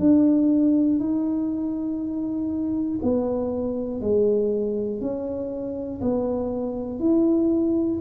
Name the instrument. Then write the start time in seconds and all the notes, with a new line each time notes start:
tuba
0.00 D4
1.00 D#4
3.02 B3
4.00 G#3
5.00 C#4
6.01 B3
7.00 E4